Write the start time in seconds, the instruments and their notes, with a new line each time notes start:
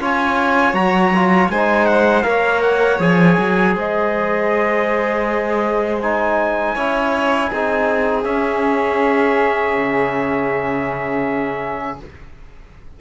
0.00 cello C#4, trombone F4, violin C#5, trumpet G#5
0.74 cello F#3, trombone F#4, trumpet A#5
1.15 trombone F4
1.49 cello G#3, trombone D#4, violin C5, trumpet G#5
1.86 trumpet F#5
2.23 cello A#3, trombone A#4, violin C#5, trumpet F5
2.62 trumpet F#5
3.00 cello F3, trombone G#4, trumpet G#5
3.38 cello F#3
3.75 cello G#3, violin C5, trumpet D#5
6.01 trombone D#4, trumpet G#5
6.75 cello C#4, trombone E4, violin C#5
7.50 cello C4, trombone D#4, violin G#4
8.23 trombone C#4, cello C#4, trumpet E5
9.76 cello C#3